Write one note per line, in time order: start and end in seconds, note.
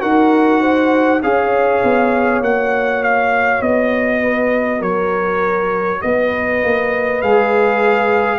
0.00 1.22 D#4
0.00 1.20 F#4
0.00 0.61 A#4
0.00 1.21 F#5
0.61 1.21 C5
1.23 1.83 C#4
1.23 2.43 G#4
1.23 4.22 C#5
1.23 2.43 F5
1.83 2.41 B3
2.41 3.61 A#3
2.41 7.23 F#4
2.41 3.03 F#5
3.03 3.62 F5
3.61 4.81 B3
3.61 4.82 D#5
4.22 4.79 B4
4.79 6.01 F#3
4.79 5.99 A#4
4.79 6.01 C#5
6.01 6.63 B3
6.01 8.38 B4
6.01 7.21 D#5
6.63 7.23 A#3
7.21 8.38 G#3
7.21 8.38 G#4
7.21 8.38 F5